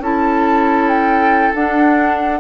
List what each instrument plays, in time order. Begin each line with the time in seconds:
0.00 bassoon C#4, clarinet E4, oboe A4, flute A5
0.89 flute G5
1.55 clarinet D4, bassoon D4, flute F#5